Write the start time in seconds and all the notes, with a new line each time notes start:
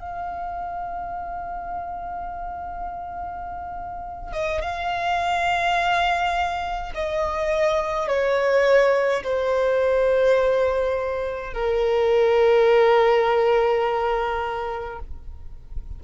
0.00 F5
4.33 D#5
4.62 F5
6.95 D#5
8.08 C#5
9.24 C5
11.54 A#4